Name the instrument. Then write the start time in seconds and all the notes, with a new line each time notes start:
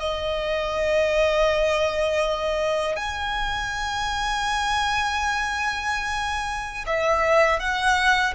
violin
0.00 D#5
2.97 G#5
6.87 E5
7.60 F#5